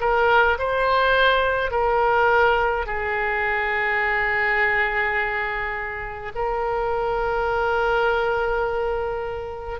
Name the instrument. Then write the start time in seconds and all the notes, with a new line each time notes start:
oboe
0.00 A#4
0.58 C5
1.71 A#4
2.86 G#4
6.35 A#4